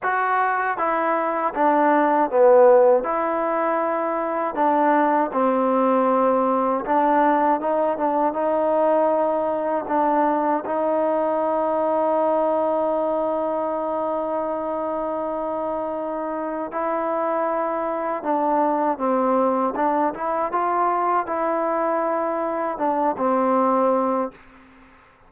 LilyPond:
\new Staff \with { instrumentName = "trombone" } { \time 4/4 \tempo 4 = 79 fis'4 e'4 d'4 b4 | e'2 d'4 c'4~ | c'4 d'4 dis'8 d'8 dis'4~ | dis'4 d'4 dis'2~ |
dis'1~ | dis'2 e'2 | d'4 c'4 d'8 e'8 f'4 | e'2 d'8 c'4. | }